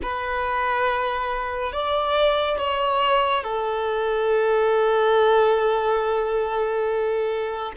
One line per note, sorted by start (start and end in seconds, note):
0.02 1.72 B4
1.72 2.58 D5
2.58 3.43 C#5
3.43 7.72 A4